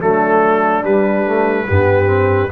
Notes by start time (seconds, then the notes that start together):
0.00 F#3 A3 D4 A4
0.83 G3 B4
1.26 A3
1.67 G2 B3 G4
2.06 C4